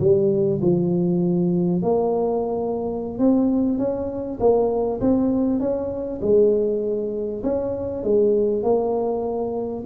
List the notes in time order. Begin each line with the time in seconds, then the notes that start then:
0.00 G3
0.61 F3
1.82 A#3
3.19 C4
3.79 C#4
4.40 A#3
5.01 C4
5.60 C#4
6.22 G#3
7.44 C#4
8.04 G#3
8.63 A#3